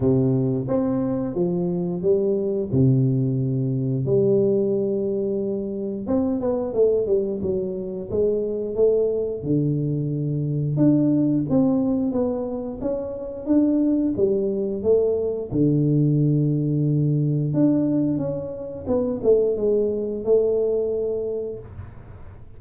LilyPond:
\new Staff \with { instrumentName = "tuba" } { \time 4/4 \tempo 4 = 89 c4 c'4 f4 g4 | c2 g2~ | g4 c'8 b8 a8 g8 fis4 | gis4 a4 d2 |
d'4 c'4 b4 cis'4 | d'4 g4 a4 d4~ | d2 d'4 cis'4 | b8 a8 gis4 a2 | }